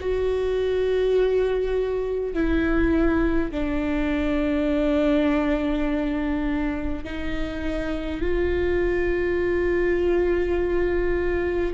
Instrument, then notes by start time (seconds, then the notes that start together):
viola
0.00 F#4
2.34 E4
3.51 D4
7.04 D#4
8.21 F4